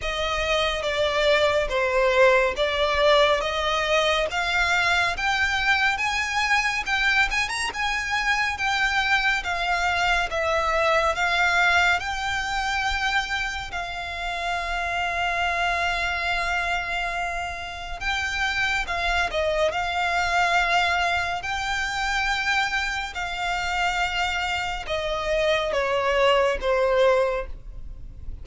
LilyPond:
\new Staff \with { instrumentName = "violin" } { \time 4/4 \tempo 4 = 70 dis''4 d''4 c''4 d''4 | dis''4 f''4 g''4 gis''4 | g''8 gis''16 ais''16 gis''4 g''4 f''4 | e''4 f''4 g''2 |
f''1~ | f''4 g''4 f''8 dis''8 f''4~ | f''4 g''2 f''4~ | f''4 dis''4 cis''4 c''4 | }